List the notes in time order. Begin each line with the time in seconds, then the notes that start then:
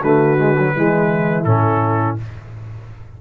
0.00 D3 A3 F#4 B4
0.37 G#3
0.59 F#3
0.74 E3 G#3 E4
1.43 A2 C#4 A4